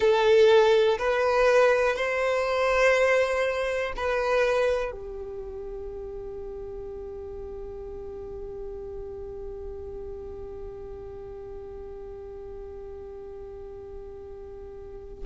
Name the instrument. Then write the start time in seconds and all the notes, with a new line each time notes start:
violin
0.00 A4
0.98 B4
1.95 C5
3.96 B4
4.91 G4